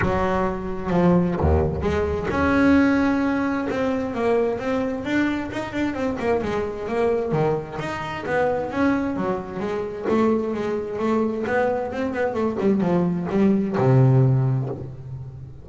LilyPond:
\new Staff \with { instrumentName = "double bass" } { \time 4/4 \tempo 4 = 131 fis2 f4 dis,4 | gis4 cis'2. | c'4 ais4 c'4 d'4 | dis'8 d'8 c'8 ais8 gis4 ais4 |
dis4 dis'4 b4 cis'4 | fis4 gis4 a4 gis4 | a4 b4 c'8 b8 a8 g8 | f4 g4 c2 | }